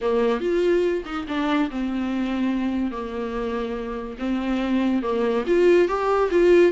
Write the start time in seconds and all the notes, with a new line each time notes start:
0.01 A#3
0.40 F4
1.05 D#4
1.28 D4
1.70 C4
2.91 A#3
4.18 C4
5.02 A#3
5.46 F4
5.87 G4
6.30 F4